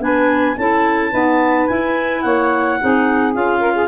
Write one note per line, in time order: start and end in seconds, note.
0.00 0.56 B3
0.00 0.56 D4
0.00 0.58 B4
0.00 0.58 G#5
0.58 1.13 C#4
0.58 1.12 E4
0.58 1.11 A4
0.58 1.67 A5
1.11 1.68 B3
1.11 1.69 D#4
1.11 2.22 B4
1.67 2.80 E4
1.67 2.25 E4
1.67 2.22 G#5
2.22 2.80 A#3
2.22 2.80 C#5
2.22 3.33 F#5
2.81 3.36 C4
2.81 3.35 D#4
2.81 3.60 G#4
3.35 3.89 C#4
3.35 3.89 F4
3.35 3.89 F5
3.60 3.74 A#4
3.75 3.89 G#4